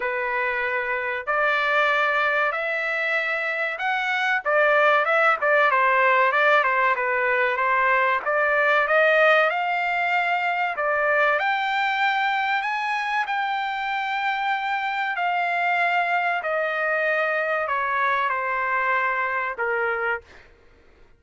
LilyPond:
\new Staff \with { instrumentName = "trumpet" } { \time 4/4 \tempo 4 = 95 b'2 d''2 | e''2 fis''4 d''4 | e''8 d''8 c''4 d''8 c''8 b'4 | c''4 d''4 dis''4 f''4~ |
f''4 d''4 g''2 | gis''4 g''2. | f''2 dis''2 | cis''4 c''2 ais'4 | }